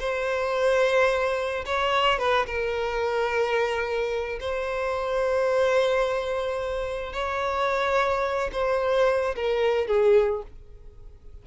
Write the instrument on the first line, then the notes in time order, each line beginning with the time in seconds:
violin
0.00 C5
1.66 C#5
2.19 B4
2.47 A#4
4.40 C5
7.13 C#5
8.53 C5
9.36 A#4
9.88 G#4